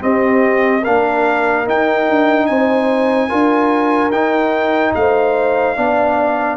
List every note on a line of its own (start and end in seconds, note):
0.00 0.82 C4
0.00 0.86 C4
0.00 0.82 G4
0.00 0.85 D#5
0.82 1.68 A#3
0.82 1.66 D4
0.82 2.46 A#4
0.82 1.67 F5
1.66 3.29 D#4
1.66 2.09 D#4
1.66 2.47 G5
2.09 2.49 D4
2.47 3.32 C4
2.47 3.29 C5
2.47 4.11 G#5
3.29 4.11 D4
3.29 4.11 F4
3.29 4.93 A#4
4.11 4.93 D#4
4.11 5.77 D#4
4.11 4.94 G5
4.95 5.77 A3
4.95 5.77 C5
4.95 6.57 F5
5.77 6.57 B3
5.77 6.57 D4
5.77 6.57 D5